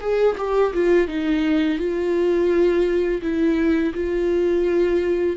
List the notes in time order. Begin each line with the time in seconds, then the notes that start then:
0.00 G#4
0.37 G4
0.73 F4
1.07 D#4
1.78 F4
3.21 E4
3.94 F4